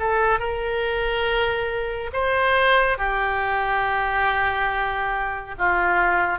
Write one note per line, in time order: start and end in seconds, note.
0.00 0.40 A4
0.40 2.11 A#4
2.14 2.98 C5
2.98 5.56 G4
5.59 6.39 F4